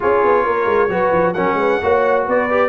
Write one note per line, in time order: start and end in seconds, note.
0.00 0.23 C#4
0.00 0.89 F4
0.00 0.44 G#4
0.00 1.33 C#5
0.23 0.45 B3
0.44 0.65 A#3
0.44 0.90 A#4
0.65 0.88 G#3
0.88 1.11 F#3
0.88 1.35 F#4
0.88 1.34 B4
1.12 1.34 F3
1.33 1.54 F#3
1.33 1.81 C#4
1.33 1.57 A#4
1.33 2.23 F#5
1.54 1.76 G#3
1.54 1.81 B4
1.81 2.27 A#3
1.81 2.49 F#4
1.81 2.25 C#5
2.25 2.69 B3
2.25 2.69 B4
2.25 2.69 D5
2.50 2.69 G4